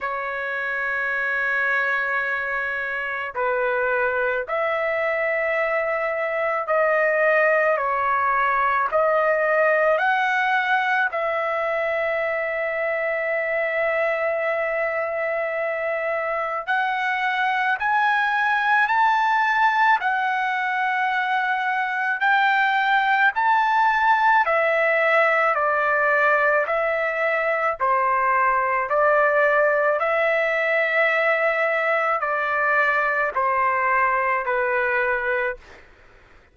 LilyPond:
\new Staff \with { instrumentName = "trumpet" } { \time 4/4 \tempo 4 = 54 cis''2. b'4 | e''2 dis''4 cis''4 | dis''4 fis''4 e''2~ | e''2. fis''4 |
gis''4 a''4 fis''2 | g''4 a''4 e''4 d''4 | e''4 c''4 d''4 e''4~ | e''4 d''4 c''4 b'4 | }